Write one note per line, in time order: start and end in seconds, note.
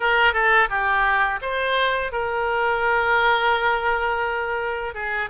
0.00 0.33 A#4
0.33 0.68 A4
0.69 1.40 G4
1.41 2.12 C5
2.12 4.94 A#4
4.94 5.29 G#4